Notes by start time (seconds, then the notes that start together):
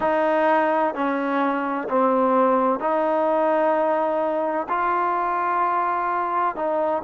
0.00 D#4
0.94 C#4
1.88 C4
2.79 D#4
4.68 F4
6.55 D#4